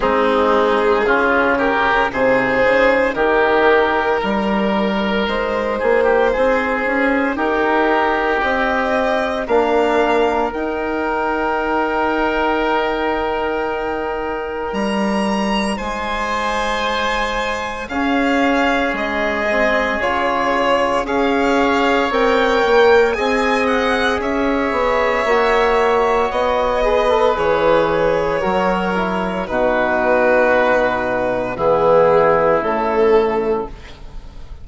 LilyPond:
<<
  \new Staff \with { instrumentName = "violin" } { \time 4/4 \tempo 4 = 57 gis'4. ais'8 c''4 ais'4~ | ais'4 c''2 ais'4 | dis''4 f''4 g''2~ | g''2 ais''4 gis''4~ |
gis''4 f''4 dis''4 cis''4 | f''4 g''4 gis''8 fis''8 e''4~ | e''4 dis''4 cis''2 | b'2 gis'4 a'4 | }
  \new Staff \with { instrumentName = "oboe" } { \time 4/4 dis'4 f'8 g'8 gis'4 g'4 | ais'4. gis'16 g'16 gis'4 g'4~ | g'4 ais'2.~ | ais'2. c''4~ |
c''4 gis'2. | cis''2 dis''4 cis''4~ | cis''4. b'4. ais'4 | fis'2 e'2 | }
  \new Staff \with { instrumentName = "trombone" } { \time 4/4 c'4 cis'4 dis'2~ | dis'1~ | dis'4 d'4 dis'2~ | dis'1~ |
dis'4 cis'4. c'8 f'4 | gis'4 ais'4 gis'2 | fis'4. gis'16 a'16 gis'4 fis'8 e'8 | dis'2 b4 a4 | }
  \new Staff \with { instrumentName = "bassoon" } { \time 4/4 gis4 cis4 c8 cis8 dis4 | g4 gis8 ais8 c'8 cis'8 dis'4 | c'4 ais4 dis'2~ | dis'2 g4 gis4~ |
gis4 cis'4 gis4 cis4 | cis'4 c'8 ais8 c'4 cis'8 b8 | ais4 b4 e4 fis4 | b,2 e4 cis4 | }
>>